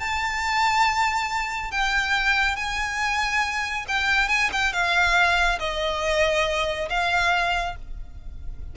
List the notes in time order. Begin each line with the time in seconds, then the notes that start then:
0.00 A5
1.71 G5
2.56 G#5
3.88 G5
4.29 G#5
4.52 G5
4.73 F5
5.59 D#5
6.89 F5